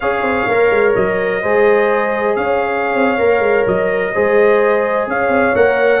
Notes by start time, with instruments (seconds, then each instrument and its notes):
0.00 tuba C#4, trombone G#4, horn C#5, trumpet F5
0.22 tuba C4
0.47 tuba A#3, trombone A#4
0.70 tuba G#3
0.95 tuba F#3, trumpet D#5
1.41 tuba G#3, trombone G#4, horn C5
2.36 tuba C#4, horn C#5, trumpet F5
2.94 tuba C4
3.18 tuba A#3, trombone A#4
3.39 tuba G#3
3.66 tuba F#3, trumpet D#5
4.14 tuba G#3, trombone G#4, horn C5
5.07 tuba C#4, horn C#5, trumpet F5
5.28 tuba C4
5.55 tuba A#3, trombone A#4, trumpet F#5